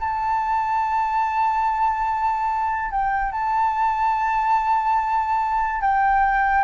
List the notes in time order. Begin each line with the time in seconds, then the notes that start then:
0.00 A5
2.91 G5
3.31 A5
5.81 G5